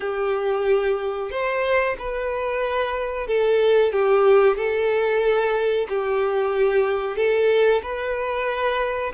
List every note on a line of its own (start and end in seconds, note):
0.00 1.30 G4
1.30 1.96 C5
1.98 3.27 B4
3.27 3.92 A4
3.92 4.57 G4
4.57 5.87 A4
5.88 7.16 G4
7.16 7.81 A4
7.82 9.12 B4